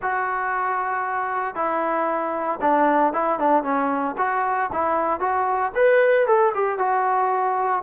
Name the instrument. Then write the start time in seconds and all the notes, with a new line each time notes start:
trombone
0.02 F#4
1.55 E4
2.61 D4
3.13 E4
3.39 D4
3.63 C#4
4.17 F#4
4.72 E4
5.20 F#4
5.75 B4
6.26 A4
6.54 G4
6.78 F#4